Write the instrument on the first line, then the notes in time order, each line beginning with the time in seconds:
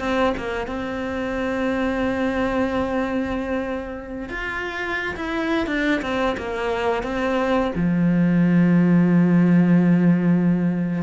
cello
0.00 C4
0.38 A#3
0.68 C4
4.30 F4
5.17 E4
5.67 D4
6.02 C4
6.38 A#3
7.04 C4
7.76 F3